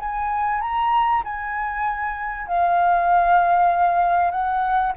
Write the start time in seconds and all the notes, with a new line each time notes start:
0.00 G#5
0.62 A#5
1.25 G#5
2.48 F5
4.31 F#5